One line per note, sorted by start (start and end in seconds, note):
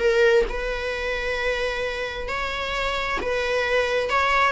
0.00 0.45 A#4
0.50 2.29 B4
2.29 3.19 C#5
3.22 4.10 B4
4.10 4.53 C#5